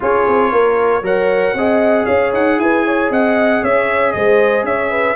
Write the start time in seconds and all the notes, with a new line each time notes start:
0.00 C#4 F4 G#4 C#5
0.27 C4
0.51 A#3 A#4
1.01 F#3 A#4 C#5 F#5
1.54 C4 G#4 D#5
2.05 C#4 C#5 F5
2.33 D#4 F#5
2.58 E4 B4 G#5
2.85 C#5
3.10 C4 D#5 F#5
3.62 C#4 C#5 E5
4.12 G#3 C5 D#5
4.63 C#4 C#5 E5
4.90 B4